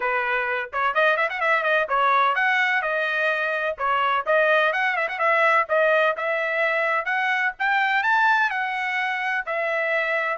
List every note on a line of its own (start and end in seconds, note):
0.00 0.70 B4
0.72 0.94 C#5
0.94 1.17 D#5
1.17 1.28 E5
1.29 1.40 F#5
1.40 1.63 E5
1.63 1.86 D#5
1.89 2.35 C#5
2.35 2.82 F#5
2.82 3.76 D#5
3.78 4.25 C#5
4.26 4.72 D#5
4.72 4.96 F#5
4.96 5.08 E5
5.08 5.18 F#5
5.18 5.66 E5
5.68 6.15 D#5
6.16 7.05 E5
7.05 7.52 F#5
7.59 8.03 G5
8.03 8.50 A5
8.50 9.44 F#5
9.46 10.37 E5